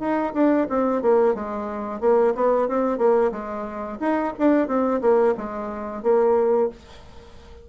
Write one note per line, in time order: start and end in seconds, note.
0.00 0.33 D#4
0.34 0.68 D4
0.70 1.02 C4
1.02 1.35 A#3
1.35 2.01 G#3
2.01 2.34 A#3
2.35 2.68 B3
2.68 2.98 C4
2.98 3.32 A#3
3.32 3.99 G#3
4.00 4.34 D#4
4.39 4.68 D4
4.68 5.02 C4
5.02 5.35 A#3
5.38 6.03 G#3
6.03 6.70 A#3